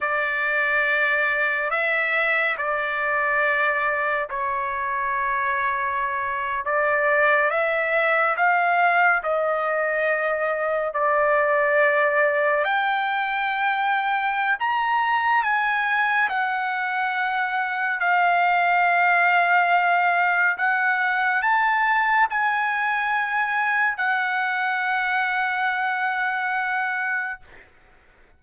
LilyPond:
\new Staff \with { instrumentName = "trumpet" } { \time 4/4 \tempo 4 = 70 d''2 e''4 d''4~ | d''4 cis''2~ cis''8. d''16~ | d''8. e''4 f''4 dis''4~ dis''16~ | dis''8. d''2 g''4~ g''16~ |
g''4 ais''4 gis''4 fis''4~ | fis''4 f''2. | fis''4 a''4 gis''2 | fis''1 | }